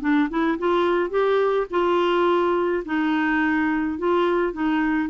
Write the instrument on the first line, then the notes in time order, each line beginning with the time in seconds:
clarinet
0.00 D4
0.29 E4
0.58 F4
1.10 G4
1.70 F4
2.85 D#4
3.98 F4
4.52 D#4